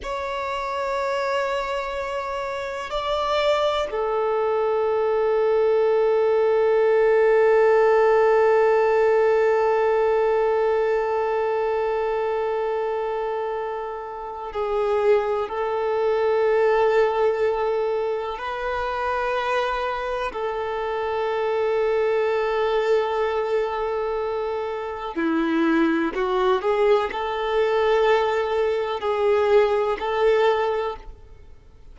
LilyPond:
\new Staff \with { instrumentName = "violin" } { \time 4/4 \tempo 4 = 62 cis''2. d''4 | a'1~ | a'1~ | a'2. gis'4 |
a'2. b'4~ | b'4 a'2.~ | a'2 e'4 fis'8 gis'8 | a'2 gis'4 a'4 | }